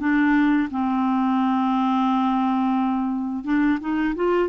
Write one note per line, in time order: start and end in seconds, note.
0.00 0.69 D4
0.71 3.45 C4
3.45 3.79 D4
3.80 4.15 D#4
4.16 4.49 F4